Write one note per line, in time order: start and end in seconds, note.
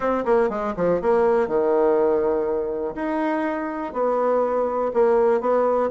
0.00 0.24 C4
0.25 0.49 A#3
0.49 0.74 G#3
0.76 1.01 F3
1.01 1.47 A#3
1.47 2.95 D#3
2.95 3.93 D#4
3.93 4.91 B3
4.93 5.41 A#3
5.41 5.90 B3